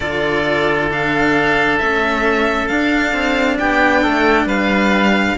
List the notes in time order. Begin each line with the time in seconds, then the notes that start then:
0.00 D3 F4 A4 D5
0.90 D4 F5
1.78 A3 C#4 E5
2.67 D4 F5
3.12 C4
3.59 B3 G4 G5
4.01 A3 A4
4.45 G3 B4 F5